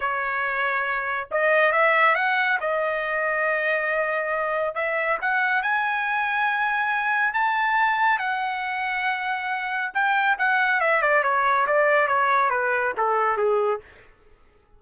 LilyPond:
\new Staff \with { instrumentName = "trumpet" } { \time 4/4 \tempo 4 = 139 cis''2. dis''4 | e''4 fis''4 dis''2~ | dis''2. e''4 | fis''4 gis''2.~ |
gis''4 a''2 fis''4~ | fis''2. g''4 | fis''4 e''8 d''8 cis''4 d''4 | cis''4 b'4 a'4 gis'4 | }